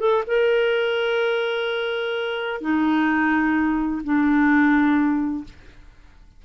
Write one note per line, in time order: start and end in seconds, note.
0.00 0.23 A4
0.27 2.61 A#4
2.61 4.02 D#4
4.04 5.44 D4